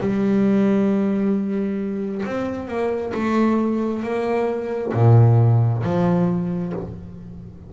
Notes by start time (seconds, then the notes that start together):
0.00 G3
2.26 C4
2.67 A#3
3.13 A3
4.03 A#3
4.93 A#2
5.83 F3